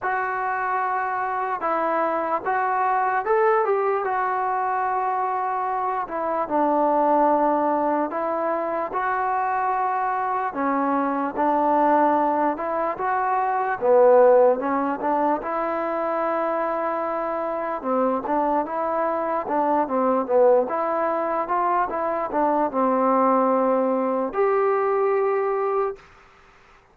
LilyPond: \new Staff \with { instrumentName = "trombone" } { \time 4/4 \tempo 4 = 74 fis'2 e'4 fis'4 | a'8 g'8 fis'2~ fis'8 e'8 | d'2 e'4 fis'4~ | fis'4 cis'4 d'4. e'8 |
fis'4 b4 cis'8 d'8 e'4~ | e'2 c'8 d'8 e'4 | d'8 c'8 b8 e'4 f'8 e'8 d'8 | c'2 g'2 | }